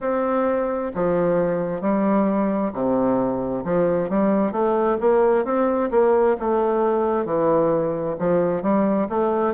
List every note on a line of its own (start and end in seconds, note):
0.00 0.91 C4
0.94 1.81 F3
1.81 2.71 G3
2.73 3.64 C3
3.64 4.09 F3
4.09 4.52 G3
4.52 4.97 A3
5.00 5.44 A#3
5.44 5.90 C4
5.90 6.36 A#3
6.39 7.25 A3
7.25 8.16 E3
8.19 8.62 F3
8.62 9.07 G3
9.09 9.53 A3